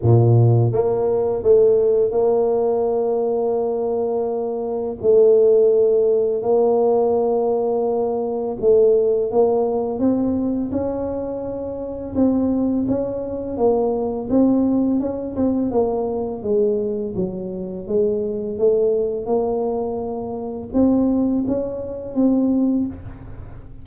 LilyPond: \new Staff \with { instrumentName = "tuba" } { \time 4/4 \tempo 4 = 84 ais,4 ais4 a4 ais4~ | ais2. a4~ | a4 ais2. | a4 ais4 c'4 cis'4~ |
cis'4 c'4 cis'4 ais4 | c'4 cis'8 c'8 ais4 gis4 | fis4 gis4 a4 ais4~ | ais4 c'4 cis'4 c'4 | }